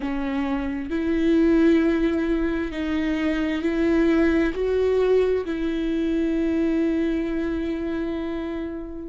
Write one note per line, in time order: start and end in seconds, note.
0.00 0.90 C#4
0.90 2.71 E4
2.71 3.62 D#4
3.62 4.52 E4
4.53 5.44 F#4
5.45 9.08 E4